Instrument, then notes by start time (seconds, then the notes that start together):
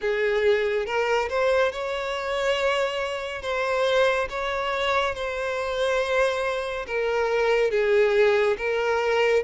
violin
0.01 G#4
0.86 A#4
1.29 C5
1.71 C#5
3.42 C5
4.29 C#5
5.14 C5
6.86 A#4
7.71 G#4
8.57 A#4